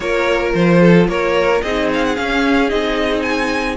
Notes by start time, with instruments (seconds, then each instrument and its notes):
0.00 cello A#3, viola F4, violin A#4 C#5
0.53 cello F3, violin C5
0.80 violin A4
1.07 cello A#3, violin A#4 C#5
1.61 cello C4, viola D#4, violin G#4 D#5
1.93 violin F5
2.04 violin F#5
2.15 viola C#4, cello C#4, violin F5
2.68 cello C4, viola D#4, violin D#5
3.22 violin G#5